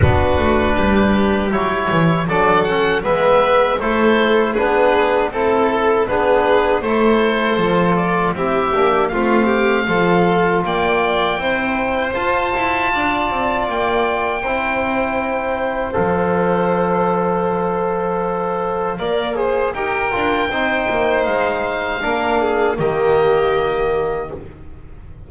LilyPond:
<<
  \new Staff \with { instrumentName = "oboe" } { \time 4/4 \tempo 4 = 79 b'2 cis''4 d''8 fis''8 | e''4 c''4 b'4 a'4 | b'4 c''4. d''8 e''4 | f''2 g''2 |
a''2 g''2~ | g''4 f''2.~ | f''2 g''2 | f''2 dis''2 | }
  \new Staff \with { instrumentName = "violin" } { \time 4/4 fis'4 g'2 a'4 | b'4 a'4 gis'4 a'4 | gis'4 a'2 g'4 | f'8 g'8 a'4 d''4 c''4~ |
c''4 d''2 c''4~ | c''1~ | c''4 d''8 c''8 ais'4 c''4~ | c''4 ais'8 gis'8 g'2 | }
  \new Staff \with { instrumentName = "trombone" } { \time 4/4 d'2 e'4 d'8 cis'8 | b4 e'4 d'4 e'4 | d'4 e'4 f'4 e'8 d'8 | c'4 f'2 e'4 |
f'2. e'4~ | e'4 a'2.~ | a'4 ais'8 gis'8 g'8 f'8 dis'4~ | dis'4 d'4 ais2 | }
  \new Staff \with { instrumentName = "double bass" } { \time 4/4 b8 a8 g4 fis8 e8 fis4 | gis4 a4 b4 c'4 | b4 a4 f4 c'8 ais8 | a4 f4 ais4 c'4 |
f'8 e'8 d'8 c'8 ais4 c'4~ | c'4 f2.~ | f4 ais4 dis'8 d'8 c'8 ais8 | gis4 ais4 dis2 | }
>>